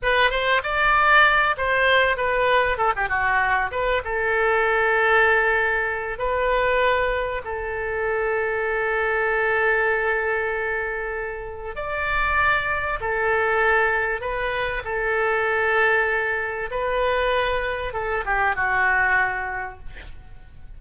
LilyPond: \new Staff \with { instrumentName = "oboe" } { \time 4/4 \tempo 4 = 97 b'8 c''8 d''4. c''4 b'8~ | b'8 a'16 g'16 fis'4 b'8 a'4.~ | a'2 b'2 | a'1~ |
a'2. d''4~ | d''4 a'2 b'4 | a'2. b'4~ | b'4 a'8 g'8 fis'2 | }